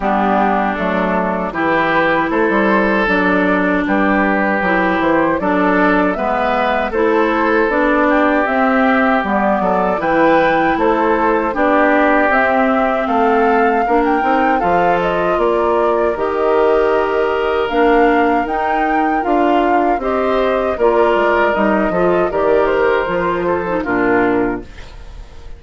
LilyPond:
<<
  \new Staff \with { instrumentName = "flute" } { \time 4/4 \tempo 4 = 78 g'4 a'4 b'4 c''4 | d''4 b'4. c''8 d''4 | e''4 c''4 d''4 e''4 | d''4 g''4 c''4 d''4 |
e''4 f''4~ f''16 g''8. f''8 dis''8 | d''4 dis''2 f''4 | g''4 f''4 dis''4 d''4 | dis''4 d''8 c''4. ais'4 | }
  \new Staff \with { instrumentName = "oboe" } { \time 4/4 d'2 g'4 a'4~ | a'4 g'2 a'4 | b'4 a'4. g'4.~ | g'8 a'8 b'4 a'4 g'4~ |
g'4 a'4 ais'4 a'4 | ais'1~ | ais'2 c''4 ais'4~ | ais'8 a'8 ais'4. a'8 f'4 | }
  \new Staff \with { instrumentName = "clarinet" } { \time 4/4 b4 a4 e'2 | d'2 e'4 d'4 | b4 e'4 d'4 c'4 | b4 e'2 d'4 |
c'2 d'8 dis'8 f'4~ | f'4 g'2 d'4 | dis'4 f'4 g'4 f'4 | dis'8 f'8 g'4 f'8. dis'16 d'4 | }
  \new Staff \with { instrumentName = "bassoon" } { \time 4/4 g4 fis4 e4 a16 g8. | fis4 g4 fis8 e8 fis4 | gis4 a4 b4 c'4 | g8 fis8 e4 a4 b4 |
c'4 a4 ais8 c'8 f4 | ais4 dis2 ais4 | dis'4 d'4 c'4 ais8 gis8 | g8 f8 dis4 f4 ais,4 | }
>>